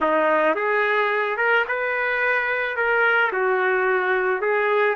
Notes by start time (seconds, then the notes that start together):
0.01 D#4
0.55 G#4
1.37 A#4
1.67 B4
2.76 A#4
3.32 F#4
4.41 G#4